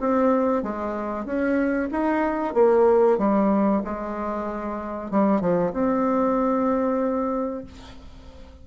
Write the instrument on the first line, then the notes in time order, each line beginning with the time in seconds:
bassoon
0.00 C4
0.63 G#3
1.25 C#4
1.91 D#4
2.54 A#3
3.18 G3
3.84 G#3
5.11 G3
5.41 F3
5.73 C4